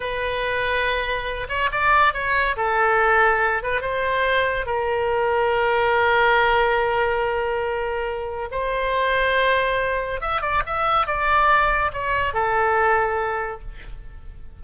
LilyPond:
\new Staff \with { instrumentName = "oboe" } { \time 4/4 \tempo 4 = 141 b'2.~ b'8 cis''8 | d''4 cis''4 a'2~ | a'8 b'8 c''2 ais'4~ | ais'1~ |
ais'1 | c''1 | e''8 d''8 e''4 d''2 | cis''4 a'2. | }